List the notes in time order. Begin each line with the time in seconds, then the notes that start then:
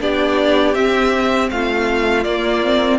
0.00 B3 D4 G4 D5
0.74 C4 E5
1.50 A3 F4 F5
2.23 A#3 D5
2.64 C4